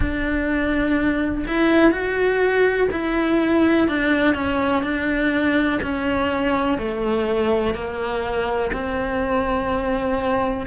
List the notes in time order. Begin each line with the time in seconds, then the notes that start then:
0.00 D4
1.47 E4
1.91 F#4
2.91 E4
3.88 D4
4.34 C#4
4.82 D4
5.82 C#4
6.77 A3
7.74 A#3
8.72 C4